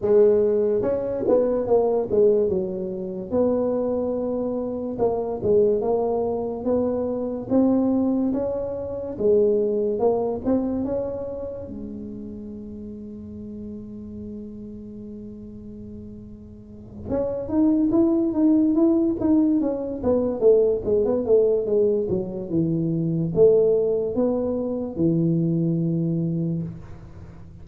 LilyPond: \new Staff \with { instrumentName = "tuba" } { \time 4/4 \tempo 4 = 72 gis4 cis'8 b8 ais8 gis8 fis4 | b2 ais8 gis8 ais4 | b4 c'4 cis'4 gis4 | ais8 c'8 cis'4 gis2~ |
gis1~ | gis8 cis'8 dis'8 e'8 dis'8 e'8 dis'8 cis'8 | b8 a8 gis16 b16 a8 gis8 fis8 e4 | a4 b4 e2 | }